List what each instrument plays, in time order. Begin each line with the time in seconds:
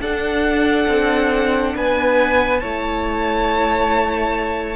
0.00 cello D4, viola D4, violin A4 F#5
0.88 cello C4
1.75 cello B3, violin B4 G#5
2.60 cello A3, viola E4, violin C#5 A5